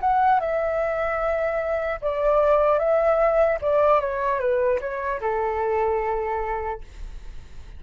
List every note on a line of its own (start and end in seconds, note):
0.00 0.40 F#5
0.40 2.00 E5
2.01 2.79 D5
2.79 3.59 E5
3.61 4.00 D5
4.00 4.39 C#5
4.39 4.79 B4
4.80 5.20 C#5
5.20 6.80 A4